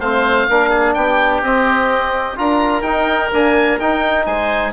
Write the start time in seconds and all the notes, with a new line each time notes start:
0.00 A3 C4 C5 F5
0.49 A#3 D4 A#4
0.70 G#4
0.94 B3 G4 G5
1.42 C4 D#5
2.36 D4 F4 A#4 A#5
2.82 D#4 G5
3.32 A#3 D4 G#5
3.80 D#4 G5
4.26 G#3 C5 G#5